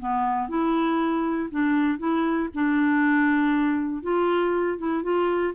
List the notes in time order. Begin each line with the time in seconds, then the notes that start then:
0.00 B3
0.49 E4
1.51 D4
1.99 E4
2.55 D4
4.03 F4
4.79 E4
5.03 F4